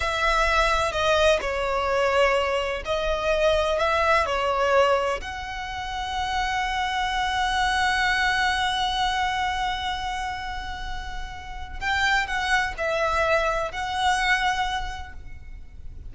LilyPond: \new Staff \with { instrumentName = "violin" } { \time 4/4 \tempo 4 = 127 e''2 dis''4 cis''4~ | cis''2 dis''2 | e''4 cis''2 fis''4~ | fis''1~ |
fis''1~ | fis''1~ | fis''4 g''4 fis''4 e''4~ | e''4 fis''2. | }